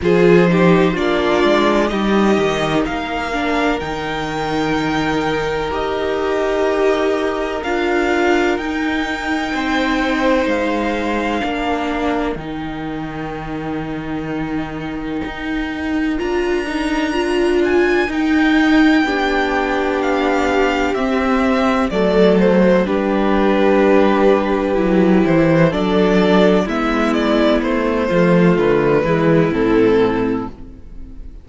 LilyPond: <<
  \new Staff \with { instrumentName = "violin" } { \time 4/4 \tempo 4 = 63 c''4 d''4 dis''4 f''4 | g''2 dis''2 | f''4 g''2 f''4~ | f''4 g''2.~ |
g''4 ais''4. gis''8 g''4~ | g''4 f''4 e''4 d''8 c''8 | b'2~ b'8 c''8 d''4 | e''8 d''8 c''4 b'4 a'4 | }
  \new Staff \with { instrumentName = "violin" } { \time 4/4 gis'8 g'8 f'4 g'4 ais'4~ | ais'1~ | ais'2 c''2 | ais'1~ |
ais'1 | g'2. a'4 | g'2. a'4 | e'4. f'4 e'4. | }
  \new Staff \with { instrumentName = "viola" } { \time 4/4 f'8 dis'8 d'4 dis'4. d'8 | dis'2 g'2 | f'4 dis'2. | d'4 dis'2.~ |
dis'4 f'8 dis'8 f'4 dis'4 | d'2 c'4 a4 | d'2 e'4 d'4 | b4. a4 gis8 c'4 | }
  \new Staff \with { instrumentName = "cello" } { \time 4/4 f4 ais8 gis8 g8 dis8 ais4 | dis2 dis'2 | d'4 dis'4 c'4 gis4 | ais4 dis2. |
dis'4 d'2 dis'4 | b2 c'4 fis4 | g2 fis8 e8 fis4 | gis4 a8 f8 d8 e8 a,4 | }
>>